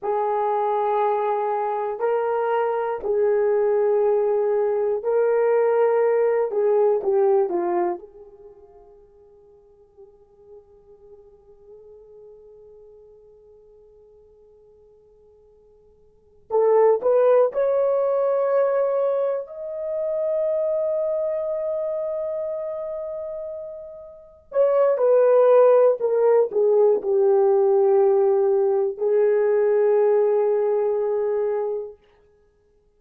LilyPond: \new Staff \with { instrumentName = "horn" } { \time 4/4 \tempo 4 = 60 gis'2 ais'4 gis'4~ | gis'4 ais'4. gis'8 g'8 f'8 | gis'1~ | gis'1~ |
gis'8 a'8 b'8 cis''2 dis''8~ | dis''1~ | dis''8 cis''8 b'4 ais'8 gis'8 g'4~ | g'4 gis'2. | }